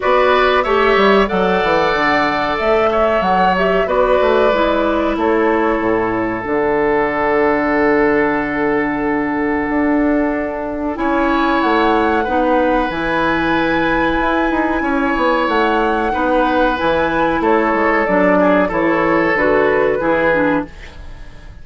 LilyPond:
<<
  \new Staff \with { instrumentName = "flute" } { \time 4/4 \tempo 4 = 93 d''4 e''4 fis''2 | e''4 fis''8 e''8 d''2 | cis''2 fis''2~ | fis''1~ |
fis''4 gis''4 fis''2 | gis''1 | fis''2 gis''4 cis''4 | d''4 cis''4 b'2 | }
  \new Staff \with { instrumentName = "oboe" } { \time 4/4 b'4 cis''4 d''2~ | d''8 cis''4. b'2 | a'1~ | a'1~ |
a'4 cis''2 b'4~ | b'2. cis''4~ | cis''4 b'2 a'4~ | a'8 gis'8 a'2 gis'4 | }
  \new Staff \with { instrumentName = "clarinet" } { \time 4/4 fis'4 g'4 a'2~ | a'4. g'8 fis'4 e'4~ | e'2 d'2~ | d'1~ |
d'4 e'2 dis'4 | e'1~ | e'4 dis'4 e'2 | d'4 e'4 fis'4 e'8 d'8 | }
  \new Staff \with { instrumentName = "bassoon" } { \time 4/4 b4 a8 g8 fis8 e8 d4 | a4 fis4 b8 a8 gis4 | a4 a,4 d2~ | d2. d'4~ |
d'4 cis'4 a4 b4 | e2 e'8 dis'8 cis'8 b8 | a4 b4 e4 a8 gis8 | fis4 e4 d4 e4 | }
>>